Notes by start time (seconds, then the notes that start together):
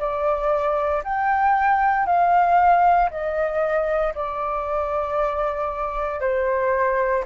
0.00 D5
1.04 G5
2.06 F5
3.11 D#5
4.15 D5
6.21 C5